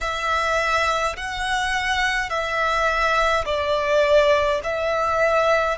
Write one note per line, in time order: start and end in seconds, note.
0.00 1.15 E5
1.16 2.29 F#5
2.29 3.45 E5
3.45 4.60 D5
4.63 5.77 E5